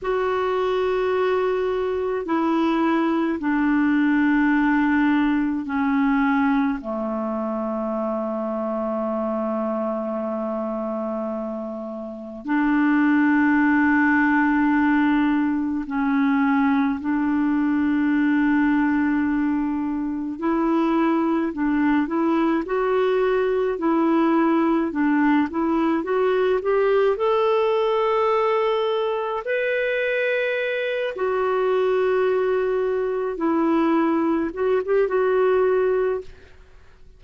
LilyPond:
\new Staff \with { instrumentName = "clarinet" } { \time 4/4 \tempo 4 = 53 fis'2 e'4 d'4~ | d'4 cis'4 a2~ | a2. d'4~ | d'2 cis'4 d'4~ |
d'2 e'4 d'8 e'8 | fis'4 e'4 d'8 e'8 fis'8 g'8 | a'2 b'4. fis'8~ | fis'4. e'4 fis'16 g'16 fis'4 | }